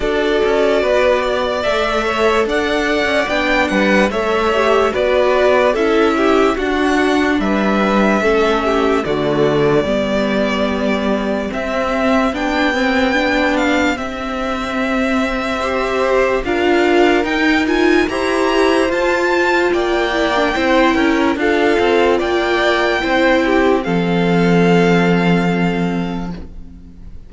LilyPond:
<<
  \new Staff \with { instrumentName = "violin" } { \time 4/4 \tempo 4 = 73 d''2 e''4 fis''4 | g''8 fis''8 e''4 d''4 e''4 | fis''4 e''2 d''4~ | d''2 e''4 g''4~ |
g''8 f''8 e''2. | f''4 g''8 gis''8 ais''4 a''4 | g''2 f''4 g''4~ | g''4 f''2. | }
  \new Staff \with { instrumentName = "violin" } { \time 4/4 a'4 b'8 d''4 cis''8 d''4~ | d''8 b'8 cis''4 b'4 a'8 g'8 | fis'4 b'4 a'8 g'8 fis'4 | g'1~ |
g'2. c''4 | ais'2 c''2 | d''4 c''8 ais'8 a'4 d''4 | c''8 g'8 a'2. | }
  \new Staff \with { instrumentName = "viola" } { \time 4/4 fis'2 a'2 | d'4 a'8 g'8 fis'4 e'4 | d'2 cis'4 a4 | b2 c'4 d'8 c'8 |
d'4 c'2 g'4 | f'4 dis'8 f'8 g'4 f'4~ | f'8 e'16 d'16 e'4 f'2 | e'4 c'2. | }
  \new Staff \with { instrumentName = "cello" } { \time 4/4 d'8 cis'8 b4 a4 d'8. cis'16 | b8 g8 a4 b4 cis'4 | d'4 g4 a4 d4 | g2 c'4 b4~ |
b4 c'2. | d'4 dis'4 e'4 f'4 | ais4 c'8 cis'8 d'8 c'8 ais4 | c'4 f2. | }
>>